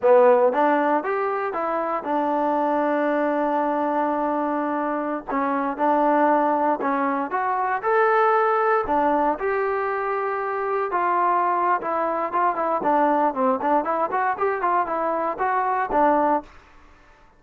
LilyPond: \new Staff \with { instrumentName = "trombone" } { \time 4/4 \tempo 4 = 117 b4 d'4 g'4 e'4 | d'1~ | d'2~ d'16 cis'4 d'8.~ | d'4~ d'16 cis'4 fis'4 a'8.~ |
a'4~ a'16 d'4 g'4.~ g'16~ | g'4~ g'16 f'4.~ f'16 e'4 | f'8 e'8 d'4 c'8 d'8 e'8 fis'8 | g'8 f'8 e'4 fis'4 d'4 | }